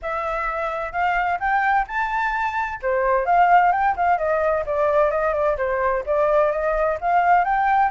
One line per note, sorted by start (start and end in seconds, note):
0.01 0.92 E5
0.92 1.38 F5
1.39 1.86 G5
1.87 2.80 A5
2.81 3.25 C5
3.25 3.71 F5
3.71 3.95 G5
3.96 4.17 F5
4.17 4.64 D#5
4.66 5.10 D5
5.10 5.33 D#5
5.33 5.57 D5
5.57 6.03 C5
6.06 6.51 D5
6.51 6.98 D#5
7.01 7.44 F5
7.44 7.90 G5